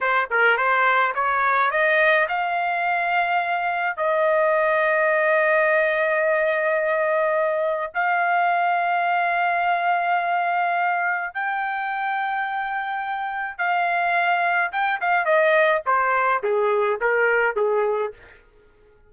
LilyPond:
\new Staff \with { instrumentName = "trumpet" } { \time 4/4 \tempo 4 = 106 c''8 ais'8 c''4 cis''4 dis''4 | f''2. dis''4~ | dis''1~ | dis''2 f''2~ |
f''1 | g''1 | f''2 g''8 f''8 dis''4 | c''4 gis'4 ais'4 gis'4 | }